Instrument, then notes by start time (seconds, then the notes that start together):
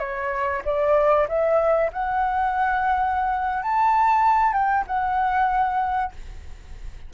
flute
0.00 C#5
0.65 D5
1.29 E5
1.93 F#5
3.63 A5
4.54 G5
4.88 F#5